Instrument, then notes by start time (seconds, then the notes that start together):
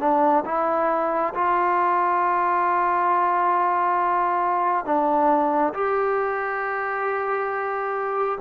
trombone
0.00 D4
0.45 E4
1.35 F4
4.85 D4
5.74 G4